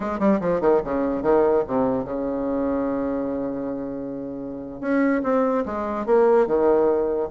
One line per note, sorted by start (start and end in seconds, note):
0.00 0.19 G#3
0.19 0.39 G3
0.40 0.60 F3
0.60 0.81 D#3
0.84 1.22 C#3
1.22 1.63 D#3
1.67 2.04 C3
2.04 4.81 C#3
4.81 5.22 C#4
5.23 5.64 C4
5.65 6.06 G#3
6.06 6.47 A#3
6.47 7.29 D#3